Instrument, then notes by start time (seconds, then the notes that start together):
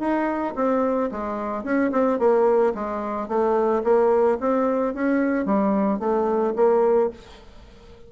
bassoon
0.00 D#4
0.56 C4
1.12 G#3
1.64 C#4
1.92 C4
2.19 A#3
2.75 G#3
3.29 A3
3.84 A#3
4.41 C4
4.95 C#4
5.46 G3
6.00 A3
6.56 A#3